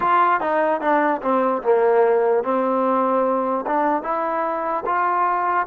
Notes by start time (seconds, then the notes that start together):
0.00 F4
0.40 D#4
0.80 D4
1.22 C4
1.63 A#3
2.43 C4
3.66 D4
4.02 E4
4.85 F4